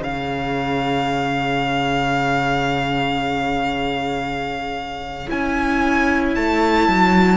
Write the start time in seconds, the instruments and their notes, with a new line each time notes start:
0.00 cello C#3, viola G#4, violin C#5 F5
5.28 cello C#4, viola E4, violin G#5
6.35 cello A3, violin A5
6.88 cello F#3